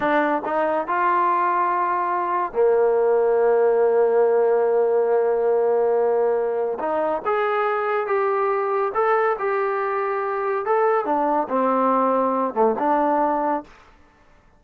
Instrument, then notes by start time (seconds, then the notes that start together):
trombone
0.00 D4
0.45 D#4
0.87 F4
2.52 A#3
6.79 D#4
7.25 G#4
8.06 G4
8.94 A4
9.38 G4
10.65 A4
11.05 D4
11.49 C4
12.54 A3
12.78 D4